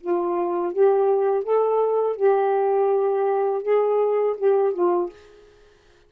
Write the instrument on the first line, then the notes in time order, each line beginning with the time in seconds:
saxophone
0.00 F4
0.73 G4
1.44 A4
2.16 G4
3.63 G#4
4.37 G4
4.73 F4